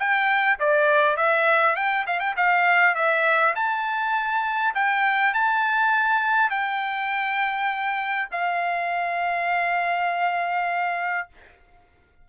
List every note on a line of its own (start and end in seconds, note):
0.00 0.59 G5
0.60 1.17 D5
1.17 1.76 E5
1.76 2.06 G5
2.07 2.20 F5
2.20 2.35 G5
2.37 2.95 F5
2.95 3.55 E5
3.56 4.75 A5
4.75 5.34 G5
5.34 6.51 A5
6.51 8.29 G5
8.32 11.29 F5